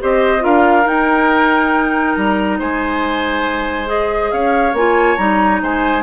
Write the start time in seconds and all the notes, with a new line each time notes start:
0.00 C4 G4 C5 D#5
0.40 D4 F4 A#4 F5
0.85 D#4 G5
2.15 G3 A#5
2.59 G#3 C5 G#5
3.86 G#4 D#5
4.31 C#4 C#5 F5
4.73 A#3 F4 G#5
5.17 G3 D#4 A#5
5.62 G#3 C5 G#5